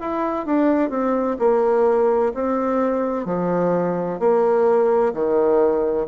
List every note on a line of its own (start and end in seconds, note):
0.00 0.46 E4
0.46 0.89 D4
0.89 1.36 C4
1.39 2.33 A#3
2.34 3.25 C4
3.25 4.19 F3
4.19 5.13 A#3
5.13 6.07 D#3